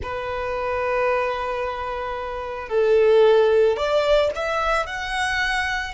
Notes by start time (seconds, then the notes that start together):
0.02 B4
2.69 A4
3.76 D5
4.35 E5
4.86 F#5